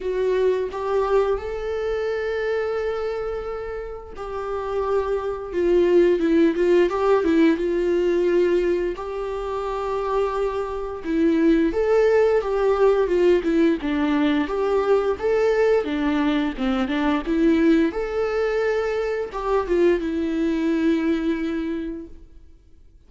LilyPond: \new Staff \with { instrumentName = "viola" } { \time 4/4 \tempo 4 = 87 fis'4 g'4 a'2~ | a'2 g'2 | f'4 e'8 f'8 g'8 e'8 f'4~ | f'4 g'2. |
e'4 a'4 g'4 f'8 e'8 | d'4 g'4 a'4 d'4 | c'8 d'8 e'4 a'2 | g'8 f'8 e'2. | }